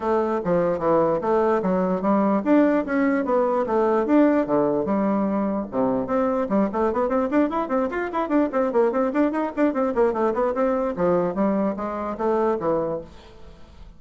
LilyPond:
\new Staff \with { instrumentName = "bassoon" } { \time 4/4 \tempo 4 = 148 a4 f4 e4 a4 | fis4 g4 d'4 cis'4 | b4 a4 d'4 d4 | g2 c4 c'4 |
g8 a8 b8 c'8 d'8 e'8 c'8 f'8 | e'8 d'8 c'8 ais8 c'8 d'8 dis'8 d'8 | c'8 ais8 a8 b8 c'4 f4 | g4 gis4 a4 e4 | }